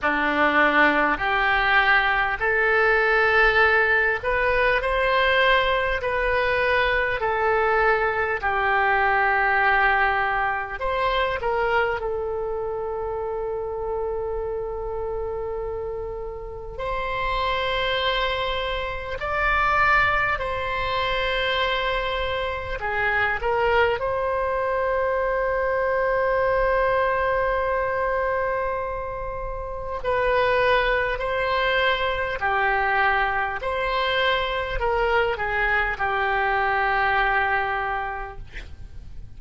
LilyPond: \new Staff \with { instrumentName = "oboe" } { \time 4/4 \tempo 4 = 50 d'4 g'4 a'4. b'8 | c''4 b'4 a'4 g'4~ | g'4 c''8 ais'8 a'2~ | a'2 c''2 |
d''4 c''2 gis'8 ais'8 | c''1~ | c''4 b'4 c''4 g'4 | c''4 ais'8 gis'8 g'2 | }